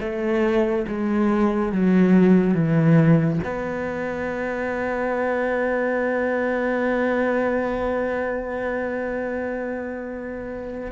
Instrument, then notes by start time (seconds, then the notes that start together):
cello
0.00 A3
0.88 G#3
1.72 F#3
2.54 E3
3.44 B3